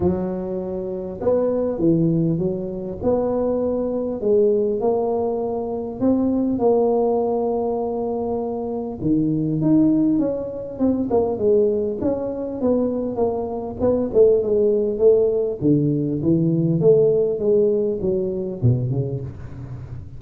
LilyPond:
\new Staff \with { instrumentName = "tuba" } { \time 4/4 \tempo 4 = 100 fis2 b4 e4 | fis4 b2 gis4 | ais2 c'4 ais4~ | ais2. dis4 |
dis'4 cis'4 c'8 ais8 gis4 | cis'4 b4 ais4 b8 a8 | gis4 a4 d4 e4 | a4 gis4 fis4 b,8 cis8 | }